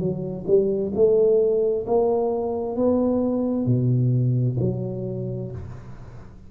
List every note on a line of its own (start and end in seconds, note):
0.00 0.45 F#3
0.47 0.93 G3
0.95 1.86 A3
1.87 2.76 A#3
2.76 3.67 B3
3.67 4.57 B2
4.61 5.52 F#3